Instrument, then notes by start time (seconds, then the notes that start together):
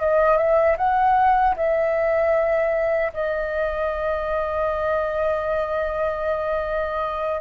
flute
0.00 D#5
0.37 E5
0.77 F#5
1.56 E5
3.13 D#5